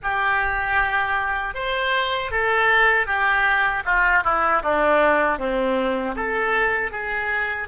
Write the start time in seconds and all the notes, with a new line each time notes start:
0.02 G4
1.54 C5
2.31 A4
3.06 G4
3.85 F4
4.24 E4
4.62 D4
5.38 C4
6.16 A4
6.91 G#4